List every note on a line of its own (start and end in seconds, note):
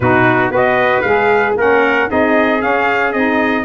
0.00 0.50 B2
0.00 0.51 D#4
0.00 0.51 F#4
0.00 0.52 B4
0.50 1.02 B3
0.50 1.03 F#4
0.50 1.56 B4
0.50 1.01 D#5
1.01 1.56 G#3
1.01 1.57 G#4
1.01 1.53 F5
1.56 2.08 A#3
1.56 2.08 C#4
1.56 2.10 A#4
1.56 2.10 F#5
2.08 2.62 C4
2.08 2.59 D#4
2.08 3.64 G#4
2.08 2.61 D#5
2.59 3.12 C#4
2.59 3.13 C#4
2.59 3.12 F5
3.12 3.64 C4
3.12 3.64 D#4
3.12 3.64 D#5